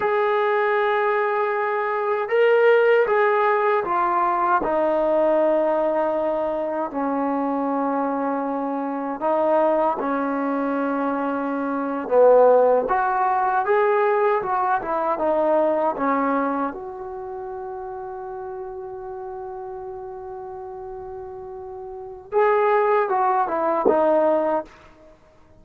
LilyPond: \new Staff \with { instrumentName = "trombone" } { \time 4/4 \tempo 4 = 78 gis'2. ais'4 | gis'4 f'4 dis'2~ | dis'4 cis'2. | dis'4 cis'2~ cis'8. b16~ |
b8. fis'4 gis'4 fis'8 e'8 dis'16~ | dis'8. cis'4 fis'2~ fis'16~ | fis'1~ | fis'4 gis'4 fis'8 e'8 dis'4 | }